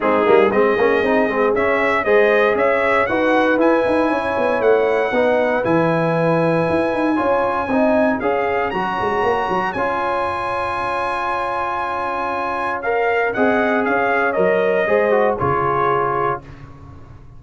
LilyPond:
<<
  \new Staff \with { instrumentName = "trumpet" } { \time 4/4 \tempo 4 = 117 gis'4 dis''2 e''4 | dis''4 e''4 fis''4 gis''4~ | gis''4 fis''2 gis''4~ | gis''1 |
f''4 ais''2 gis''4~ | gis''1~ | gis''4 f''4 fis''4 f''4 | dis''2 cis''2 | }
  \new Staff \with { instrumentName = "horn" } { \time 4/4 dis'4 gis'2. | c''4 cis''4 b'2 | cis''2 b'2~ | b'2 cis''4 dis''4 |
cis''1~ | cis''1~ | cis''2 dis''4 cis''4~ | cis''4 c''4 gis'2 | }
  \new Staff \with { instrumentName = "trombone" } { \time 4/4 c'8 ais8 c'8 cis'8 dis'8 c'8 cis'4 | gis'2 fis'4 e'4~ | e'2 dis'4 e'4~ | e'2 f'4 dis'4 |
gis'4 fis'2 f'4~ | f'1~ | f'4 ais'4 gis'2 | ais'4 gis'8 fis'8 f'2 | }
  \new Staff \with { instrumentName = "tuba" } { \time 4/4 gis8 g8 gis8 ais8 c'8 gis8 cis'4 | gis4 cis'4 dis'4 e'8 dis'8 | cis'8 b8 a4 b4 e4~ | e4 e'8 dis'8 cis'4 c'4 |
cis'4 fis8 gis8 ais8 fis8 cis'4~ | cis'1~ | cis'2 c'4 cis'4 | fis4 gis4 cis2 | }
>>